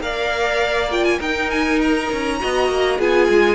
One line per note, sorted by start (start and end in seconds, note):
0.00 1.19 A#3
0.00 0.91 A#4
0.00 1.18 D5
0.00 0.91 F5
0.91 1.20 F4
0.91 1.04 G5
1.04 1.19 G#5
1.18 2.09 D#4
1.18 2.39 D#4
1.18 2.37 A#4
1.18 1.50 G5
1.50 1.80 G#5
1.81 3.00 A#5
2.12 2.42 C#4
2.39 2.69 B3
2.39 2.99 F#4
2.39 2.98 D#5
2.69 2.99 A#3
2.98 3.28 B3
2.98 3.55 F4
2.98 3.55 G#4
2.98 3.55 G#5
3.29 3.55 G#3